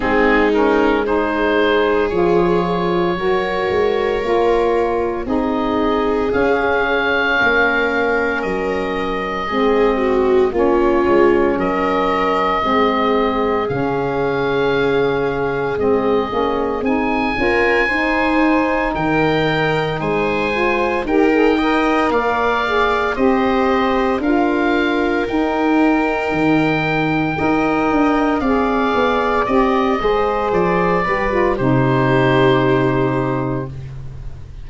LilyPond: <<
  \new Staff \with { instrumentName = "oboe" } { \time 4/4 \tempo 4 = 57 gis'8 ais'8 c''4 cis''2~ | cis''4 dis''4 f''2 | dis''2 cis''4 dis''4~ | dis''4 f''2 dis''4 |
gis''2 g''4 gis''4 | g''4 f''4 dis''4 f''4 | g''2. f''4 | dis''4 d''4 c''2 | }
  \new Staff \with { instrumentName = "viola" } { \time 4/4 dis'4 gis'2 ais'4~ | ais'4 gis'2 ais'4~ | ais'4 gis'8 fis'8 f'4 ais'4 | gis'1~ |
gis'8 ais'8 c''4 ais'4 c''4 | ais'8 dis''8 d''4 c''4 ais'4~ | ais'2 dis''4 d''4~ | d''8 c''4 b'8 g'2 | }
  \new Staff \with { instrumentName = "saxophone" } { \time 4/4 c'8 cis'8 dis'4 f'4 fis'4 | f'4 dis'4 cis'2~ | cis'4 c'4 cis'2 | c'4 cis'2 c'8 cis'8 |
dis'8 f'8 dis'2~ dis'8 f'8 | g'16 gis'16 ais'4 gis'8 g'4 f'4 | dis'2 ais'4 gis'4 | g'8 gis'4 g'16 f'16 dis'2 | }
  \new Staff \with { instrumentName = "tuba" } { \time 4/4 gis2 f4 fis8 gis8 | ais4 c'4 cis'4 ais4 | fis4 gis4 ais8 gis8 fis4 | gis4 cis2 gis8 ais8 |
c'8 cis'8 dis'4 dis4 gis4 | dis'4 ais4 c'4 d'4 | dis'4 dis4 dis'8 d'8 c'8 b8 | c'8 gis8 f8 g8 c2 | }
>>